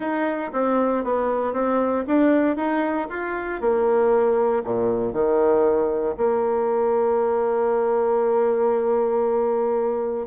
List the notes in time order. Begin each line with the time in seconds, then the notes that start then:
0.00 D#4
0.53 C4
1.04 B3
1.53 C4
2.07 D4
2.56 D#4
3.09 F4
3.60 A#3
4.64 A#2
5.12 D#3
6.17 A#3